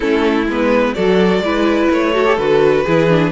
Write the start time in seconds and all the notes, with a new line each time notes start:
0.00 A3 C#4 E4 A4
0.47 G#3 B3 B4
0.94 F#3 F#4 A4 D5
1.40 G#3 E4 B4
1.91 A3 C#5
2.14 F#4 A4
2.26 G4
2.37 D3 F#4 B4
2.84 E3 E4 G#4
3.09 D4